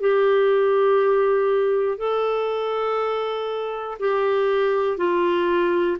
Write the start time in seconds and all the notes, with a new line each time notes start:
0.00 G4
1.98 A4
4.00 G4
4.98 F4